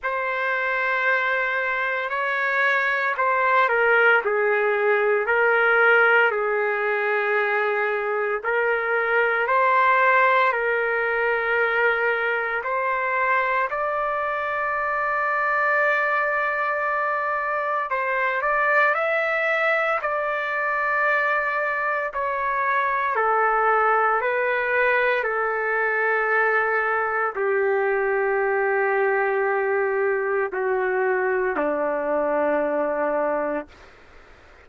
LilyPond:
\new Staff \with { instrumentName = "trumpet" } { \time 4/4 \tempo 4 = 57 c''2 cis''4 c''8 ais'8 | gis'4 ais'4 gis'2 | ais'4 c''4 ais'2 | c''4 d''2.~ |
d''4 c''8 d''8 e''4 d''4~ | d''4 cis''4 a'4 b'4 | a'2 g'2~ | g'4 fis'4 d'2 | }